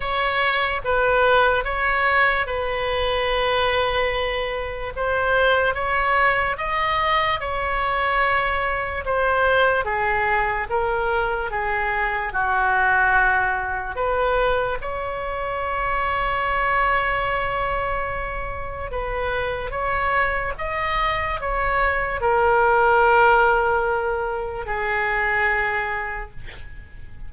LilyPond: \new Staff \with { instrumentName = "oboe" } { \time 4/4 \tempo 4 = 73 cis''4 b'4 cis''4 b'4~ | b'2 c''4 cis''4 | dis''4 cis''2 c''4 | gis'4 ais'4 gis'4 fis'4~ |
fis'4 b'4 cis''2~ | cis''2. b'4 | cis''4 dis''4 cis''4 ais'4~ | ais'2 gis'2 | }